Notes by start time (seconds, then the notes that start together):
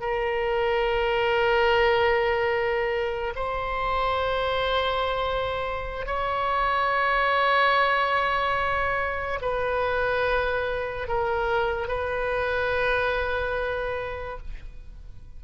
0.00 A#4
3.35 C5
6.06 C#5
9.41 B4
11.07 A#4
11.87 B4